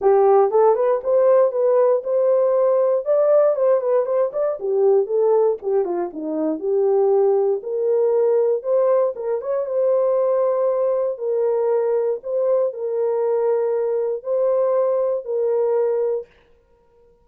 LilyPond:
\new Staff \with { instrumentName = "horn" } { \time 4/4 \tempo 4 = 118 g'4 a'8 b'8 c''4 b'4 | c''2 d''4 c''8 b'8 | c''8 d''8 g'4 a'4 g'8 f'8 | dis'4 g'2 ais'4~ |
ais'4 c''4 ais'8 cis''8 c''4~ | c''2 ais'2 | c''4 ais'2. | c''2 ais'2 | }